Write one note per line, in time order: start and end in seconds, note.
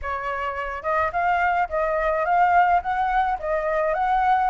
0.02 0.82 C#5
0.82 1.10 D#5
1.12 1.68 F5
1.69 2.25 D#5
2.25 2.81 F5
2.82 3.38 F#5
3.39 3.94 D#5
3.94 4.50 F#5